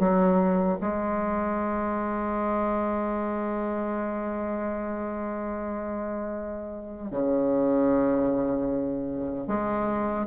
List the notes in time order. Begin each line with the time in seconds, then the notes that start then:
0.00 F#3
0.81 G#3
7.12 C#3
9.48 G#3